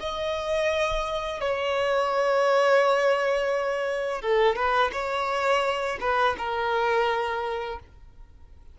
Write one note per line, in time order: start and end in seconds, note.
0.00 1.40 D#5
1.40 4.22 C#5
4.22 4.56 A4
4.56 4.91 B4
4.93 5.98 C#5
6.00 6.36 B4
6.38 7.79 A#4